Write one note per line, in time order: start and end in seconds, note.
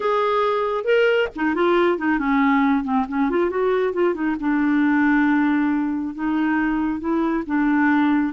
0.00 0.84 G#4
0.84 1.28 A#4
1.35 1.54 D#4
1.54 1.98 F4
1.98 2.18 D#4
2.18 2.83 C#4
2.83 3.05 C4
3.08 3.30 C#4
3.30 3.49 F4
3.49 3.93 F#4
3.93 4.14 F4
4.14 4.36 D#4
4.39 6.14 D4
6.14 7.00 D#4
7.00 7.43 E4
7.46 8.33 D4